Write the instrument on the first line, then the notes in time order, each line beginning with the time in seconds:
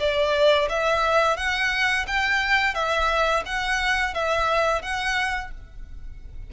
violin
0.00 D5
0.70 E5
1.37 F#5
2.08 G5
2.75 E5
3.46 F#5
4.14 E5
4.82 F#5